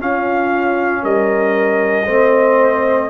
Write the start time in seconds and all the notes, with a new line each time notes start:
0.00 C#4 F4 F5
1.03 G3 A#4 D#5
2.06 A3 C4 C5